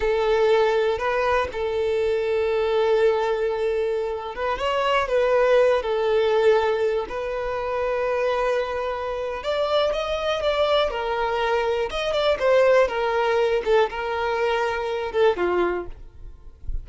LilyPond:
\new Staff \with { instrumentName = "violin" } { \time 4/4 \tempo 4 = 121 a'2 b'4 a'4~ | a'1~ | a'8. b'8 cis''4 b'4. a'16~ | a'2~ a'16 b'4.~ b'16~ |
b'2. d''4 | dis''4 d''4 ais'2 | dis''8 d''8 c''4 ais'4. a'8 | ais'2~ ais'8 a'8 f'4 | }